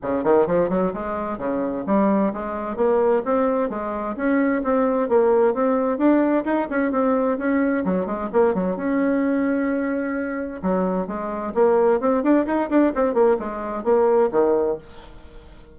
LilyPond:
\new Staff \with { instrumentName = "bassoon" } { \time 4/4 \tempo 4 = 130 cis8 dis8 f8 fis8 gis4 cis4 | g4 gis4 ais4 c'4 | gis4 cis'4 c'4 ais4 | c'4 d'4 dis'8 cis'8 c'4 |
cis'4 fis8 gis8 ais8 fis8 cis'4~ | cis'2. fis4 | gis4 ais4 c'8 d'8 dis'8 d'8 | c'8 ais8 gis4 ais4 dis4 | }